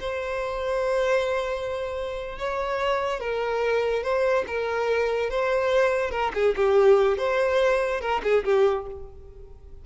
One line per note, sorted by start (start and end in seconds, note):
0.00 2.39 C5
2.39 3.20 C#5
3.20 4.03 A#4
4.03 4.45 C5
4.47 5.30 A#4
5.30 6.11 C5
6.11 6.32 A#4
6.34 6.55 G#4
6.56 7.18 G4
7.18 8.01 C5
8.01 8.22 A#4
8.23 8.44 G#4
8.45 8.86 G4